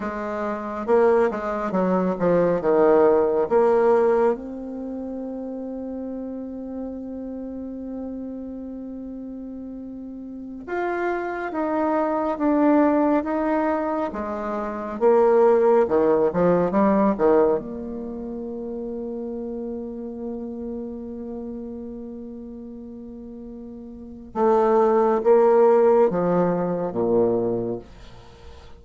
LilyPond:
\new Staff \with { instrumentName = "bassoon" } { \time 4/4 \tempo 4 = 69 gis4 ais8 gis8 fis8 f8 dis4 | ais4 c'2.~ | c'1~ | c'16 f'4 dis'4 d'4 dis'8.~ |
dis'16 gis4 ais4 dis8 f8 g8 dis16~ | dis16 ais2.~ ais8.~ | ais1 | a4 ais4 f4 ais,4 | }